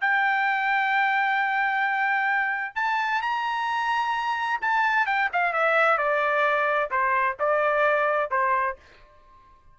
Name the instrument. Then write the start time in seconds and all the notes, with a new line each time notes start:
trumpet
0.00 G5
2.75 A5
3.21 A#5
4.61 A5
5.06 G5
5.32 F5
5.53 E5
5.97 D5
6.90 C5
7.39 D5
8.30 C5